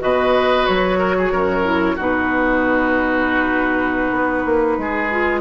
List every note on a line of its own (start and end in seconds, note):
0.00 0.68 B2
0.00 1.64 F#4
0.00 0.99 B4
0.00 0.66 D#5
0.66 1.33 F#3
0.66 1.98 C#5
0.99 1.16 A#4
1.18 1.33 G#4
1.33 1.98 F#2
1.33 1.96 A#4
1.64 1.97 E4
1.96 4.11 B2
1.96 5.11 D#4
1.96 4.77 F#4
1.96 5.41 B4
4.11 4.44 B3
4.46 4.78 A#3
4.78 5.41 G#3
4.78 5.41 G#4
5.11 5.41 F4